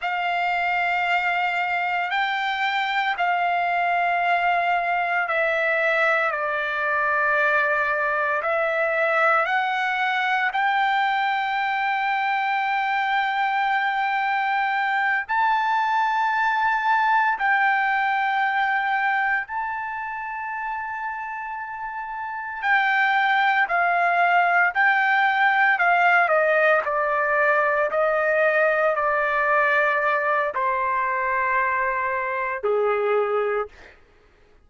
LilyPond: \new Staff \with { instrumentName = "trumpet" } { \time 4/4 \tempo 4 = 57 f''2 g''4 f''4~ | f''4 e''4 d''2 | e''4 fis''4 g''2~ | g''2~ g''8 a''4.~ |
a''8 g''2 a''4.~ | a''4. g''4 f''4 g''8~ | g''8 f''8 dis''8 d''4 dis''4 d''8~ | d''4 c''2 gis'4 | }